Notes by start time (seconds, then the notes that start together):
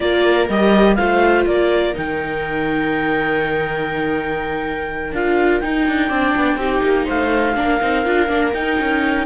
0.00 A#3 F4 A#4 D5
0.49 G3 G4 D#5
0.95 A3 F4 C5 F5
1.46 A#3 A#4 D5
1.93 D#3 D#4 G5
5.12 D4 F4 F5
5.59 D#4 G5
5.87 D4
6.08 C4 D4 D5
6.36 B3
6.55 C4 D#4 G4
6.82 A#3
7.04 A3 C5 F5
7.55 A#3 D4 A#4
7.81 C4 D#4
8.05 D4 F4
8.27 A#3 D4
8.53 D#4 G5
8.79 C#4